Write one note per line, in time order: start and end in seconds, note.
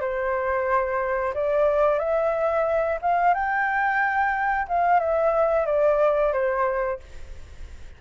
0.00 1.33 C5
1.34 1.98 D5
1.98 2.98 E5
3.01 3.34 F5
3.34 4.67 G5
4.68 4.99 F5
4.99 5.66 E5
5.66 6.32 D5
6.32 6.99 C5